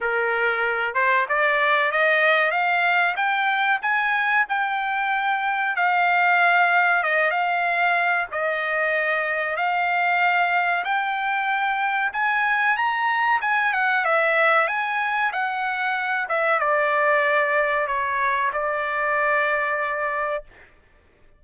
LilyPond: \new Staff \with { instrumentName = "trumpet" } { \time 4/4 \tempo 4 = 94 ais'4. c''8 d''4 dis''4 | f''4 g''4 gis''4 g''4~ | g''4 f''2 dis''8 f''8~ | f''4 dis''2 f''4~ |
f''4 g''2 gis''4 | ais''4 gis''8 fis''8 e''4 gis''4 | fis''4. e''8 d''2 | cis''4 d''2. | }